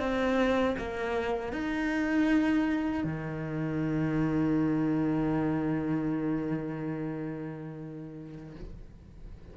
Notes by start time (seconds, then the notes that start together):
0.00 C4
0.78 A#3
1.53 D#4
3.04 D#3